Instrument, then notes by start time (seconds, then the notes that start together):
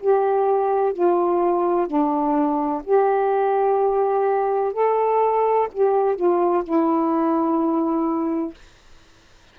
saxophone
0.00 G4
0.93 F4
1.87 D4
2.84 G4
4.73 A4
5.72 G4
6.16 F4
6.64 E4